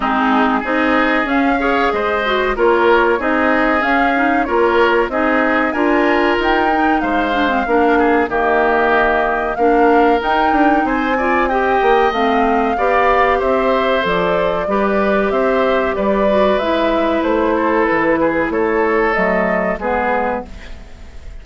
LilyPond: <<
  \new Staff \with { instrumentName = "flute" } { \time 4/4 \tempo 4 = 94 gis'4 dis''4 f''4 dis''4 | cis''4 dis''4 f''4 cis''4 | dis''4 gis''4 g''4 f''4~ | f''4 dis''2 f''4 |
g''4 gis''4 g''4 f''4~ | f''4 e''4 d''2 | e''4 d''4 e''4 c''4 | b'4 cis''4 dis''4 b'4 | }
  \new Staff \with { instrumentName = "oboe" } { \time 4/4 dis'4 gis'4. cis''8 c''4 | ais'4 gis'2 ais'4 | gis'4 ais'2 c''4 | ais'8 gis'8 g'2 ais'4~ |
ais'4 c''8 d''8 dis''2 | d''4 c''2 b'4 | c''4 b'2~ b'8 a'8~ | a'8 gis'8 a'2 gis'4 | }
  \new Staff \with { instrumentName = "clarinet" } { \time 4/4 c'4 dis'4 cis'8 gis'4 fis'8 | f'4 dis'4 cis'8 dis'8 f'4 | dis'4 f'4. dis'4 d'16 c'16 | d'4 ais2 d'4 |
dis'4. f'8 g'4 c'4 | g'2 a'4 g'4~ | g'4. fis'8 e'2~ | e'2 a4 b4 | }
  \new Staff \with { instrumentName = "bassoon" } { \time 4/4 gis4 c'4 cis'4 gis4 | ais4 c'4 cis'4 ais4 | c'4 d'4 dis'4 gis4 | ais4 dis2 ais4 |
dis'8 d'8 c'4. ais8 a4 | b4 c'4 f4 g4 | c'4 g4 gis4 a4 | e4 a4 fis4 gis4 | }
>>